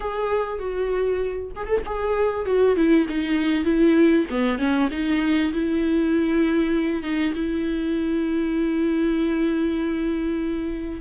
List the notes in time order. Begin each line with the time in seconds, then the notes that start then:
0.00 G#4
0.59 F#4
1.55 G#4
1.66 A4
1.85 G#4
2.45 F#4
2.76 E4
3.09 D#4
3.64 E4
4.30 B3
4.58 C#4
4.91 D#4
5.52 E4
7.02 D#4
7.34 E4